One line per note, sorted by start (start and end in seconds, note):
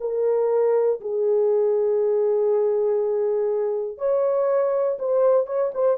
0.00 1.00 A#4
1.00 3.97 G#4
3.97 4.97 C#5
4.99 5.46 C5
5.46 5.71 C#5
5.74 5.97 C5